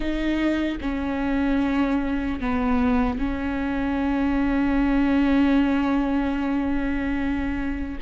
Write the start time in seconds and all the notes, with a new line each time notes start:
0.00 D#4
0.80 C#4
2.40 B3
3.18 C#4